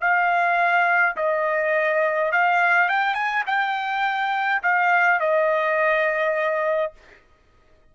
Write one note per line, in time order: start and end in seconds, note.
0.00 1.15 F5
1.16 2.31 D#5
2.32 2.88 F5
2.88 3.14 G5
3.14 3.43 G#5
3.46 4.62 G5
4.62 5.19 F5
5.19 6.92 D#5